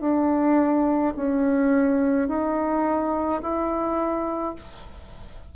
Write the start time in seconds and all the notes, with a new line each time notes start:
0.00 D4
1.16 C#4
2.28 D#4
3.42 E4